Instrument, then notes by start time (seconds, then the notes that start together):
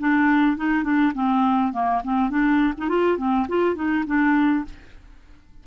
clarinet
0.00 D4
0.57 D#4
0.84 D4
1.15 C4
1.73 A#3
2.04 C4
2.30 D4
2.78 D#4
2.89 F4
3.18 C4
3.49 F4
3.75 D#4
4.07 D4